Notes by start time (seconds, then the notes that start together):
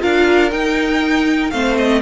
0.00 D4 F4 A#4 F5
0.51 D#4 G5
1.51 A3 C4 C5 F5
1.77 D#5